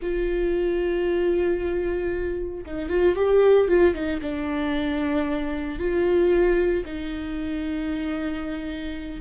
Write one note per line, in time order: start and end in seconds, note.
0.01 2.65 F4
2.66 2.89 D#4
2.89 3.15 F4
3.15 3.68 G4
3.68 3.94 F4
3.94 4.20 D#4
4.21 5.78 D4
5.78 6.84 F4
6.85 9.21 D#4